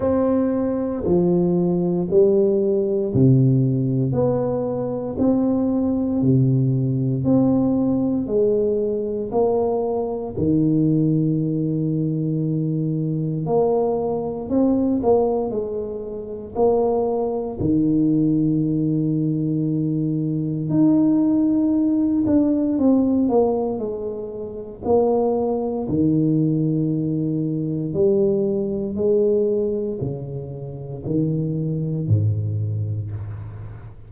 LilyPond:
\new Staff \with { instrumentName = "tuba" } { \time 4/4 \tempo 4 = 58 c'4 f4 g4 c4 | b4 c'4 c4 c'4 | gis4 ais4 dis2~ | dis4 ais4 c'8 ais8 gis4 |
ais4 dis2. | dis'4. d'8 c'8 ais8 gis4 | ais4 dis2 g4 | gis4 cis4 dis4 gis,4 | }